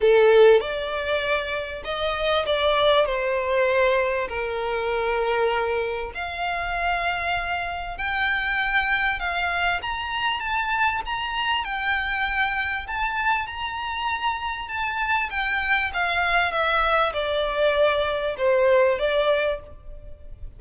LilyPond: \new Staff \with { instrumentName = "violin" } { \time 4/4 \tempo 4 = 98 a'4 d''2 dis''4 | d''4 c''2 ais'4~ | ais'2 f''2~ | f''4 g''2 f''4 |
ais''4 a''4 ais''4 g''4~ | g''4 a''4 ais''2 | a''4 g''4 f''4 e''4 | d''2 c''4 d''4 | }